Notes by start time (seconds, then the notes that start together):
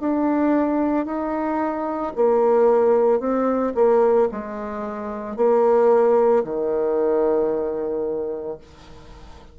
0.00 D4
1.06 D#4
2.16 A#3
3.20 C4
3.75 A#3
4.31 G#3
5.37 A#3
6.44 D#3